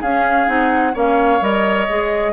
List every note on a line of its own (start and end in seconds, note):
0.00 0.48 C#4
0.00 0.46 C#4
0.00 0.93 G#4
0.00 0.48 F5
0.46 0.94 C4
0.46 0.93 D#4
0.46 0.95 F#5
0.94 1.41 A#3
0.94 1.40 C#4
0.94 2.32 C#5
0.94 1.43 F5
1.41 1.87 G3
1.41 1.87 A#4
1.41 2.32 D#5
1.89 2.32 G#3
1.89 2.32 G#4